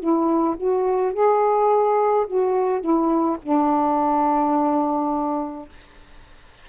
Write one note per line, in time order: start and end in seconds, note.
0.00 0.57 E4
0.58 1.14 F#4
1.14 2.27 G#4
2.27 2.81 F#4
2.81 3.38 E4
3.43 5.70 D4